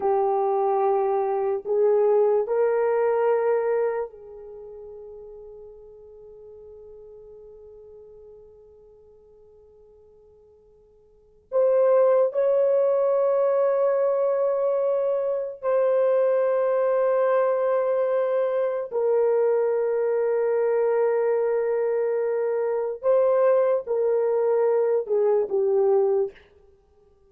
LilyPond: \new Staff \with { instrumentName = "horn" } { \time 4/4 \tempo 4 = 73 g'2 gis'4 ais'4~ | ais'4 gis'2.~ | gis'1~ | gis'2 c''4 cis''4~ |
cis''2. c''4~ | c''2. ais'4~ | ais'1 | c''4 ais'4. gis'8 g'4 | }